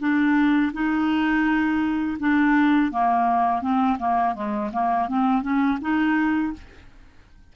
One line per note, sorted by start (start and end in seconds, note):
0.00 0.72 D4
0.74 2.18 D#4
2.20 2.92 D4
2.92 3.62 A#3
3.62 3.98 C4
3.99 4.35 A#3
4.35 4.71 G#3
4.73 5.09 A#3
5.09 5.42 C4
5.42 5.79 C#4
5.81 6.54 D#4